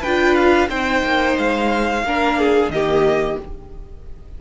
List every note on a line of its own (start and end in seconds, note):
0.00 0.69 D4
0.00 0.67 B4
0.00 0.35 G5
0.06 0.68 F4
0.35 0.69 F5
0.68 1.02 C4
0.68 2.03 D#4
0.68 2.04 C5
0.68 1.37 G5
1.03 1.37 A#3
1.37 2.03 G#3
1.37 2.70 F5
2.03 2.68 A#3
2.03 2.73 D4
2.03 2.38 A#4
2.38 2.72 G#4
2.68 3.36 D#3
2.68 3.41 A#3
2.68 3.41 G4
2.68 3.38 D#5